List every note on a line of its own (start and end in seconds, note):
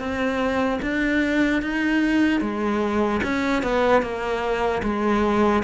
0.00 0.80 C4
0.83 1.63 D4
1.63 2.41 D#4
2.41 3.21 G#3
3.24 3.63 C#4
3.63 4.03 B3
4.03 4.83 A#3
4.83 5.63 G#3